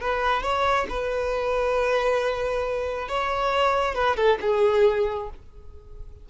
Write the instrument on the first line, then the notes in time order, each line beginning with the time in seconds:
violin
0.00 B4
0.43 C#5
0.89 B4
3.08 C#5
3.94 B4
4.16 A4
4.41 G#4